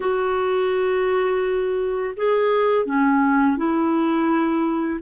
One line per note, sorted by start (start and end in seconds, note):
0.00 2.14 F#4
2.16 2.85 G#4
2.85 3.56 C#4
3.56 4.99 E4